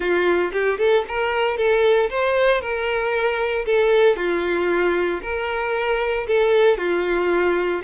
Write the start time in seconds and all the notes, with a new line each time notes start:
0.00 F4
0.52 G4
0.78 A4
1.08 A#4
1.57 A4
2.10 C5
2.61 A#4
3.65 A4
4.16 F4
5.22 A#4
6.27 A4
6.77 F4